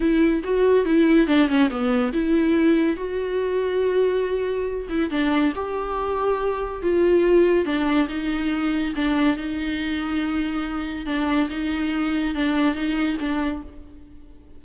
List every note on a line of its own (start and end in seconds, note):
0.00 0.43 E4
0.44 0.85 F#4
0.85 1.27 E4
1.27 1.48 D4
1.48 1.69 C#4
1.69 2.12 B3
2.13 2.96 E4
2.96 4.87 F#4
4.89 5.10 E4
5.10 5.53 D4
5.55 6.82 G4
6.82 7.65 F4
7.65 8.07 D4
8.08 8.93 D#4
8.95 9.36 D4
9.36 11.06 D#4
11.06 11.48 D4
11.49 12.34 D#4
12.35 12.74 D4
12.74 13.17 D#4
13.19 13.62 D4